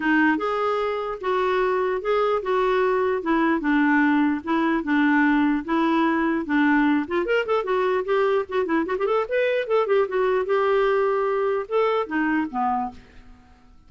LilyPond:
\new Staff \with { instrumentName = "clarinet" } { \time 4/4 \tempo 4 = 149 dis'4 gis'2 fis'4~ | fis'4 gis'4 fis'2 | e'4 d'2 e'4 | d'2 e'2 |
d'4. f'8 ais'8 a'8 fis'4 | g'4 fis'8 e'8 fis'16 g'16 a'8 b'4 | a'8 g'8 fis'4 g'2~ | g'4 a'4 dis'4 b4 | }